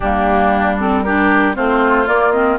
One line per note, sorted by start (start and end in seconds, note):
0.00 1.57 G3
0.00 0.79 A#3
0.00 1.03 D4
0.00 0.76 G4
0.79 1.05 C4
0.79 1.02 A4
1.02 1.54 D4
1.02 1.55 G4
1.02 1.54 A#4
1.54 2.07 A3
1.54 2.06 C4
1.54 2.59 F4
1.54 2.07 C5
2.06 2.31 A#3
2.06 2.59 A#3
2.06 2.31 D5
2.31 2.58 C4
2.31 2.57 D#5